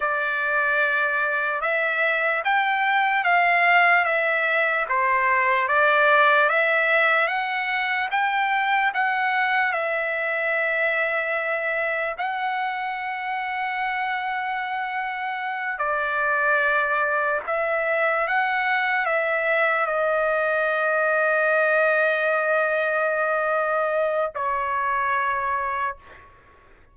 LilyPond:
\new Staff \with { instrumentName = "trumpet" } { \time 4/4 \tempo 4 = 74 d''2 e''4 g''4 | f''4 e''4 c''4 d''4 | e''4 fis''4 g''4 fis''4 | e''2. fis''4~ |
fis''2.~ fis''8 d''8~ | d''4. e''4 fis''4 e''8~ | e''8 dis''2.~ dis''8~ | dis''2 cis''2 | }